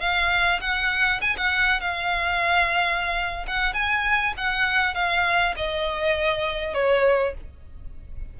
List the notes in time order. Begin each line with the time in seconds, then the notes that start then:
0.00 F5
0.61 F#5
1.21 G#5
1.37 F#5
1.81 F5
3.47 F#5
3.74 G#5
4.37 F#5
4.94 F5
5.56 D#5
6.74 C#5